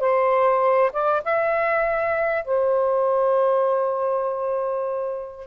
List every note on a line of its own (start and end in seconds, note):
0.00 0.91 C5
0.92 1.23 D5
1.25 2.45 E5
2.45 5.47 C5